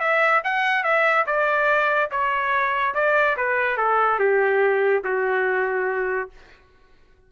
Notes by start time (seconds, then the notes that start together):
0.00 E5
0.44 F#5
0.84 E5
1.26 D5
2.11 C#5
2.94 D5
3.37 B4
3.77 A4
4.19 G4
5.04 F#4